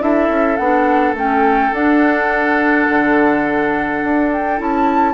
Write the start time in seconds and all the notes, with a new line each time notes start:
0.00 D4 E4 A4 E5
0.29 C#4
0.56 B3 D4 F#5
1.13 A3 C#4 G5
1.72 D4 F#5
2.89 D3
4.03 D4
4.31 G5
4.57 C#4 E4 A5